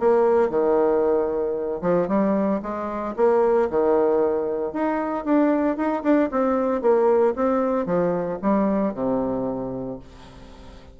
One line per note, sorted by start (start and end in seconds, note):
0.00 0.50 A#3
0.50 1.82 D#3
1.82 2.08 F3
2.09 2.61 G3
2.63 3.15 G#3
3.17 3.70 A#3
3.70 4.73 D#3
4.73 5.25 D#4
5.25 5.77 D4
5.77 6.03 D#4
6.04 6.30 D4
6.32 6.82 C4
6.82 7.35 A#3
7.36 7.87 C4
7.87 8.39 F3
8.42 8.94 G3
8.94 10.00 C3